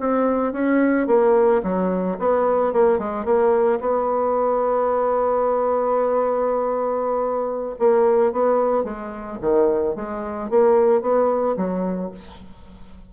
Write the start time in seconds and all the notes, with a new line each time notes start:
0.00 C4
0.53 C#4
1.07 A#3
1.63 F#3
2.19 B3
2.73 A#3
2.99 G#3
3.25 A#3
3.80 B3
7.80 A#3
8.33 B3
8.84 G#3
9.41 D#3
9.95 G#3
10.50 A#3
11.02 B3
11.57 F#3